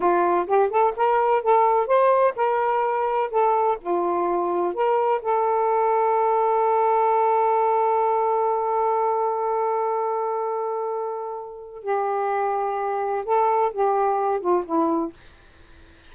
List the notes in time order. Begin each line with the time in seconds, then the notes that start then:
0.00 F4
0.46 G4
0.70 A4
0.96 A#4
1.43 A4
1.86 C5
2.36 A#4
3.30 A4
3.80 F4
4.74 A#4
5.21 A4
11.82 G4
13.25 A4
13.72 G4
14.40 F4
14.65 E4